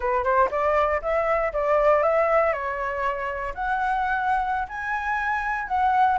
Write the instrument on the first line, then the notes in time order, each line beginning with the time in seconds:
flute
0.00 B4
0.24 C5
0.50 D5
1.02 E5
1.52 D5
2.02 E5
2.52 C#5
3.54 F#5
4.68 G#5
5.67 F#5